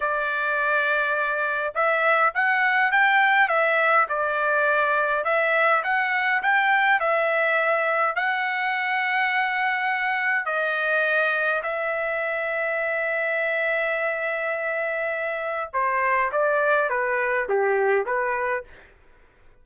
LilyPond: \new Staff \with { instrumentName = "trumpet" } { \time 4/4 \tempo 4 = 103 d''2. e''4 | fis''4 g''4 e''4 d''4~ | d''4 e''4 fis''4 g''4 | e''2 fis''2~ |
fis''2 dis''2 | e''1~ | e''2. c''4 | d''4 b'4 g'4 b'4 | }